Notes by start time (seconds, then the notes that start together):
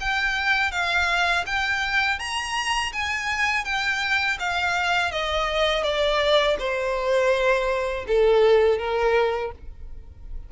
0.00 G5
0.72 F5
1.46 G5
2.19 A#5
2.93 G#5
3.65 G5
4.39 F5
5.12 D#5
5.83 D5
6.59 C5
8.08 A4
8.78 A#4